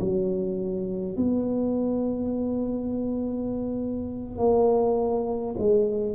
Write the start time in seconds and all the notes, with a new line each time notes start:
0.00 F#3
1.16 B3
4.37 A#3
5.58 G#3